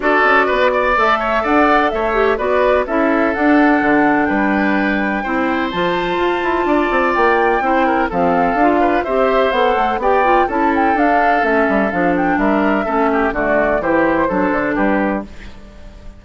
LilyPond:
<<
  \new Staff \with { instrumentName = "flute" } { \time 4/4 \tempo 4 = 126 d''2 e''4 fis''4 | e''4 d''4 e''4 fis''4~ | fis''4 g''2. | a''2. g''4~ |
g''4 f''2 e''4 | fis''4 g''4 a''8 g''8 f''4 | e''4 f''8 g''8 e''2 | d''4 c''2 b'4 | }
  \new Staff \with { instrumentName = "oboe" } { \time 4/4 a'4 b'8 d''4 cis''8 d''4 | cis''4 b'4 a'2~ | a'4 b'2 c''4~ | c''2 d''2 |
c''8 ais'8 a'4. b'8 c''4~ | c''4 d''4 a'2~ | a'2 ais'4 a'8 g'8 | fis'4 g'4 a'4 g'4 | }
  \new Staff \with { instrumentName = "clarinet" } { \time 4/4 fis'2 a'2~ | a'8 g'8 fis'4 e'4 d'4~ | d'2. e'4 | f'1 |
e'4 c'4 f'4 g'4 | a'4 g'8 f'8 e'4 d'4 | cis'4 d'2 cis'4 | a4 e'4 d'2 | }
  \new Staff \with { instrumentName = "bassoon" } { \time 4/4 d'8 cis'8 b4 a4 d'4 | a4 b4 cis'4 d'4 | d4 g2 c'4 | f4 f'8 e'8 d'8 c'8 ais4 |
c'4 f4 d'4 c'4 | b8 a8 b4 cis'4 d'4 | a8 g8 f4 g4 a4 | d4 e4 fis8 d8 g4 | }
>>